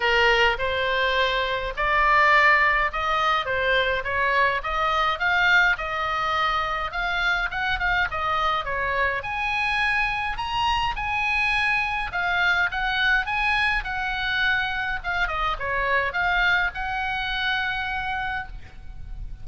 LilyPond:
\new Staff \with { instrumentName = "oboe" } { \time 4/4 \tempo 4 = 104 ais'4 c''2 d''4~ | d''4 dis''4 c''4 cis''4 | dis''4 f''4 dis''2 | f''4 fis''8 f''8 dis''4 cis''4 |
gis''2 ais''4 gis''4~ | gis''4 f''4 fis''4 gis''4 | fis''2 f''8 dis''8 cis''4 | f''4 fis''2. | }